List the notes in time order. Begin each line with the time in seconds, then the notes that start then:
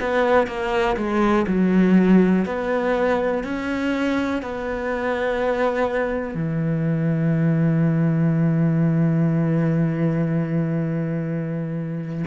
0.00 B3
0.46 A#3
0.96 G#3
1.47 F#3
2.45 B3
3.44 C#4
4.42 B3
6.34 E3